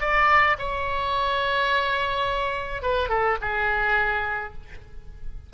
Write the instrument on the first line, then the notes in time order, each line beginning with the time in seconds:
oboe
0.00 D5
0.58 C#5
2.82 B4
3.08 A4
3.41 G#4